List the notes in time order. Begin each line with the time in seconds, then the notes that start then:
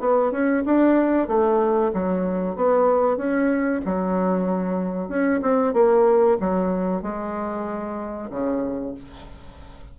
0.00 B3
0.31 C#4
0.65 D4
1.27 A3
1.93 F#3
2.55 B3
3.17 C#4
3.85 F#3
5.08 C#4
5.41 C4
5.73 A#3
6.40 F#3
7.02 G#3
8.30 C#3